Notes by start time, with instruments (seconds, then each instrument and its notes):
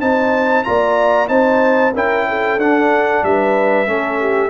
0.00 tuba C4, trombone D#4, horn C5, trumpet A5
0.63 tuba A#3, trombone F4, horn D5, trumpet A#5
1.27 tuba C4, trombone D#4, horn C5, trumpet A5
1.94 tuba C#4, trombone E4, horn A#4, trumpet G5
2.29 horn A4
2.57 tuba D4, trombone D4, trumpet F#5
3.23 tuba G3, horn B4, trumpet E5
3.86 tuba A3, trombone C#4, horn A4
4.19 horn G4